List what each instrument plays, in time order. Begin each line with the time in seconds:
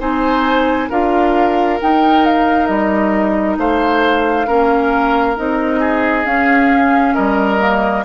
0.00 bassoon C4, clarinet D#4, oboe C5, flute G#5
0.90 bassoon D4, clarinet F4, oboe A#4, flute F5
1.81 clarinet D#4, bassoon D#4, flute G5
2.26 flute F5
2.67 bassoon G3, flute D#5
3.58 bassoon A3, oboe C5, flute F5
4.47 bassoon A#3, clarinet C#4, oboe A#4
5.37 bassoon C4, clarinet D#4, flute D#5
5.80 oboe G#4
6.25 bassoon C#4, clarinet C#4, flute F5
7.15 bassoon G3, oboe A#4, flute D#5
7.59 clarinet A#3